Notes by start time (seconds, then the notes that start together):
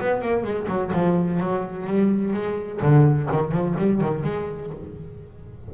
0.00 B3
0.22 A#3
0.44 G#3
0.68 F#3
0.93 F3
1.40 F#3
1.87 G3
2.33 G#3
2.82 D3
3.32 D#3
3.52 F3
3.78 G3
4.01 D#3
4.23 G#3